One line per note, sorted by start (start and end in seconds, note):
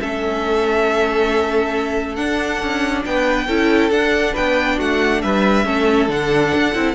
0.00 2.18 A3
0.00 2.17 C#4
0.00 3.05 A4
0.00 2.16 E5
2.16 3.48 D4
2.16 2.62 D4
2.16 3.03 F#5
2.62 3.05 C#4
3.06 3.48 B3
3.06 3.48 B4
3.06 3.91 G5
3.48 3.90 C#4
3.48 3.91 E4
3.48 4.33 A4
3.90 4.34 D4
3.90 5.65 D4
3.90 4.35 F#5
4.33 4.80 B3
4.33 4.76 B4
4.33 4.80 G5
4.77 5.23 A3
4.77 5.21 F#4
4.77 5.22 F#5
5.22 5.65 G3
5.22 5.66 B4
5.22 6.09 E5
5.65 6.09 A3
5.65 6.08 C#4
5.65 6.95 A4
6.08 6.52 D3
6.08 6.73 D4
6.08 6.95 F#5
6.55 6.75 D4
6.75 6.95 C4
6.75 6.95 E4